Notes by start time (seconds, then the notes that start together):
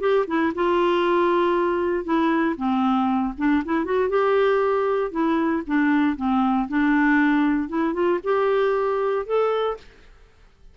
0.00 G4
0.27 E4
0.55 F4
2.04 E4
2.57 C4
3.38 D4
3.65 E4
3.84 F#4
4.09 G4
5.11 E4
5.67 D4
6.16 C4
6.68 D4
7.69 E4
7.93 F4
8.24 G4
9.26 A4